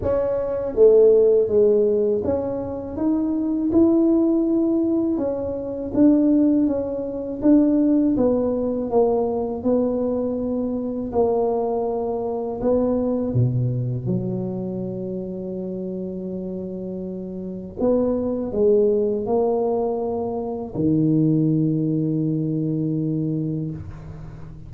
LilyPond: \new Staff \with { instrumentName = "tuba" } { \time 4/4 \tempo 4 = 81 cis'4 a4 gis4 cis'4 | dis'4 e'2 cis'4 | d'4 cis'4 d'4 b4 | ais4 b2 ais4~ |
ais4 b4 b,4 fis4~ | fis1 | b4 gis4 ais2 | dis1 | }